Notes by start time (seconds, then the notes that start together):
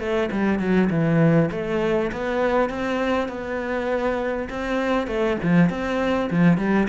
0.00 A3
0.32 G3
0.59 F#3
0.90 E3
1.51 A3
2.12 B3
2.70 C4
3.29 B3
4.49 C4
5.07 A3
5.43 F3
5.70 C4
6.31 F3
6.58 G3